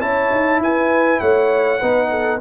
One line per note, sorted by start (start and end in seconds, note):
0.00 0.30 C#4
0.00 1.80 E4
0.00 0.60 C#5
0.00 0.61 A5
0.31 0.60 D#4
0.60 1.20 E4
0.60 1.21 B4
0.60 1.20 G#5
1.20 1.81 A3
1.20 1.80 C#5
1.20 2.40 F#5
1.80 2.41 B3
1.80 2.41 D#4
1.80 2.10 B4
2.10 2.40 A4